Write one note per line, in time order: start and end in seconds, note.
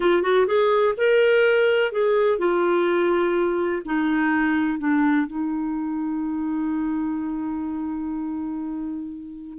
0.00 0.22 F4
0.22 0.46 F#4
0.46 0.94 G#4
0.97 1.91 A#4
1.91 2.38 G#4
2.38 3.82 F4
3.85 4.78 D#4
4.78 5.26 D4
5.27 9.58 D#4